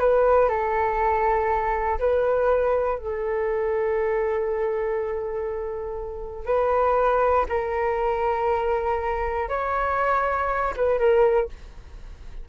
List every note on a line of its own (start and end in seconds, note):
0.00 0.49 B4
0.49 1.99 A4
2.00 2.99 B4
2.99 6.46 A4
6.46 7.46 B4
7.49 9.49 A#4
9.49 10.74 C#5
10.77 10.99 B4
10.99 11.49 A#4